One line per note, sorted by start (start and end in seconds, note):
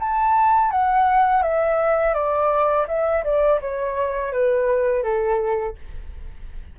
0.00 0.72 A5
0.72 1.43 F#5
1.43 2.14 E5
2.14 2.87 D5
2.88 3.24 E5
3.24 3.60 D5
3.61 4.33 C#5
4.33 5.03 B4
5.03 5.76 A4